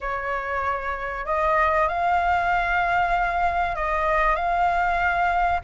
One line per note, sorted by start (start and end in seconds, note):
0.00 1.25 C#5
1.25 1.88 D#5
1.88 3.75 F5
3.75 4.35 D#5
4.35 5.60 F5